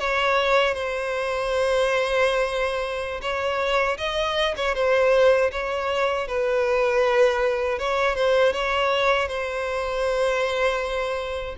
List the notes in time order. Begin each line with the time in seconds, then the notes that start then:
0.00 C#5
0.74 C5
3.22 C#5
3.98 D#5
4.56 C#5
4.75 C5
5.52 C#5
6.28 B4
7.79 C#5
8.15 C5
8.53 C#5
9.28 C5